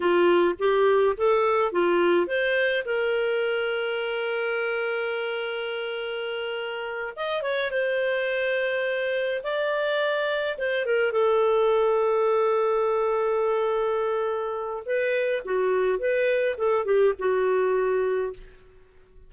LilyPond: \new Staff \with { instrumentName = "clarinet" } { \time 4/4 \tempo 4 = 105 f'4 g'4 a'4 f'4 | c''4 ais'2.~ | ais'1~ | ais'8 dis''8 cis''8 c''2~ c''8~ |
c''8 d''2 c''8 ais'8 a'8~ | a'1~ | a'2 b'4 fis'4 | b'4 a'8 g'8 fis'2 | }